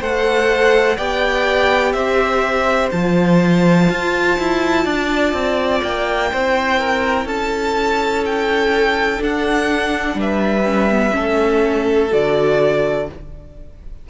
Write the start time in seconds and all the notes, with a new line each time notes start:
0.00 A3 A4 C5 F#5
0.97 B3 G4 D5 G5
1.93 C4 C5 E5
2.92 F3 F4 A5
3.90 F4
4.39 E4
4.85 D4 D5
5.33 C4
5.83 A#3 G5
6.30 C4 E4 C5
6.79 A#4
7.25 C#4 A4 A5
8.26 G5
9.18 D4 F#5
10.15 G3 B4
10.21 E5
10.65 C#4
10.91 B3
11.11 A3 C#4 A4
12.11 D3 F#4 D5